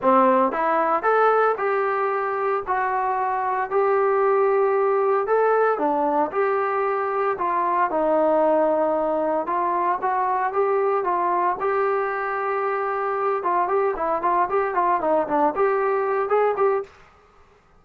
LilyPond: \new Staff \with { instrumentName = "trombone" } { \time 4/4 \tempo 4 = 114 c'4 e'4 a'4 g'4~ | g'4 fis'2 g'4~ | g'2 a'4 d'4 | g'2 f'4 dis'4~ |
dis'2 f'4 fis'4 | g'4 f'4 g'2~ | g'4. f'8 g'8 e'8 f'8 g'8 | f'8 dis'8 d'8 g'4. gis'8 g'8 | }